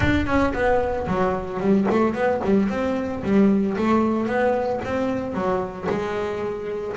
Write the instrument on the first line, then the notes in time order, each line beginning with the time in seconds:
double bass
0.00 D4
0.26 C#4
0.53 B3
1.07 F#3
1.60 G3
1.90 A3
2.14 B3
2.44 G3
2.69 C4
3.23 G3
3.77 A3
4.26 B3
4.84 C4
5.34 F#3
5.89 G#3